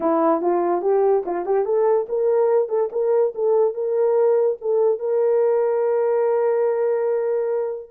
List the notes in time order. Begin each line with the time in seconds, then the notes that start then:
0.00 E4
0.41 F4
0.81 G4
1.25 F4
1.45 G4
1.65 A4
2.09 A#4
2.68 A4
2.92 A#4
3.34 A4
3.74 A#4
4.61 A4
4.99 A#4